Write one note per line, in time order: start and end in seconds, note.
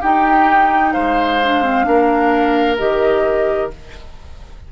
0.00 0.95 D#4
0.00 1.42 D#4
0.00 0.92 G4
0.00 0.92 G5
0.92 1.86 G#3
0.92 1.85 C5
0.92 2.77 F5
1.43 1.62 D4
1.62 1.83 C4
1.83 2.79 A#3
1.83 2.76 D4
1.83 3.72 A#4
2.77 3.71 D#3
2.77 3.70 G4
2.77 3.70 D#5